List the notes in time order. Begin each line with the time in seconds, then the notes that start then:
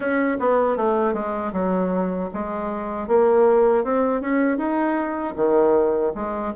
0.00 C#4
0.39 B3
0.76 A3
1.13 G#3
1.52 F#3
2.33 G#3
3.07 A#3
3.84 C4
4.21 C#4
4.57 D#4
5.35 D#3
6.14 G#3